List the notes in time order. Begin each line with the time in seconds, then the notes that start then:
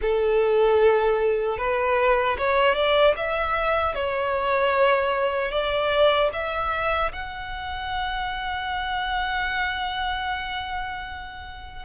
0.01 A4
1.58 B4
2.38 C#5
2.74 D5
3.16 E5
3.94 C#5
5.51 D5
6.33 E5
7.12 F#5